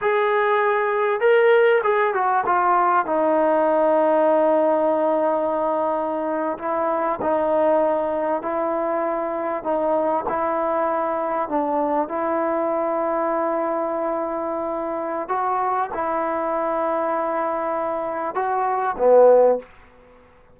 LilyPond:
\new Staff \with { instrumentName = "trombone" } { \time 4/4 \tempo 4 = 98 gis'2 ais'4 gis'8 fis'8 | f'4 dis'2.~ | dis'2~ dis'8. e'4 dis'16~ | dis'4.~ dis'16 e'2 dis'16~ |
dis'8. e'2 d'4 e'16~ | e'1~ | e'4 fis'4 e'2~ | e'2 fis'4 b4 | }